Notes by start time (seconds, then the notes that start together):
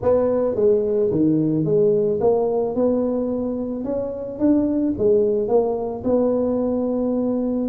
0.02 B3
0.55 G#3
1.10 D#3
1.64 G#3
2.20 A#3
2.75 B3
3.84 C#4
4.39 D4
4.97 G#3
5.48 A#3
6.04 B3